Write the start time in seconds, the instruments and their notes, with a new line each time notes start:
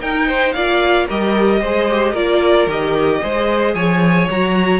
0.00 viola D#4, cello D#4, violin A#4 G5
0.27 violin C5
0.52 cello A#3, viola F4, violin D5 F5
1.06 cello G3, viola G4, violin A#4 D#5
1.60 cello G#3, viola G#4, violin C5
1.89 viola G4
2.12 cello A#3, viola F4, violin A#4 D5
2.66 cello D#3, viola G4, violin D#5
3.22 cello G#3, viola G#4, violin C5
3.74 cello F3, violin C#5 G#5
4.29 cello F#3, viola F#4, violin A#5